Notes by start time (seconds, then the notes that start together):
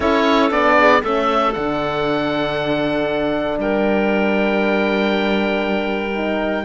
0.00 C#4 E4 A4 C#5
0.50 B3 D4 D5
0.77 G#4
1.02 A3 C#4 A4 E5
1.53 D3 D4 F#5
3.58 G3 A#4 G5
6.14 D#4